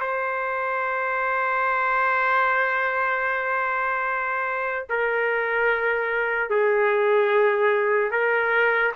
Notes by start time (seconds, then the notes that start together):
0.00 C5
4.89 A#4
6.49 G#4
8.11 A#4